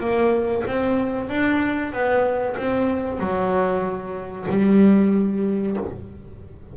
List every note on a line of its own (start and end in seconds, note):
0.00 0.64 A#3
0.67 1.29 C4
1.29 1.93 D4
1.93 2.56 B3
2.57 3.20 C4
3.20 4.47 F#3
4.50 5.77 G3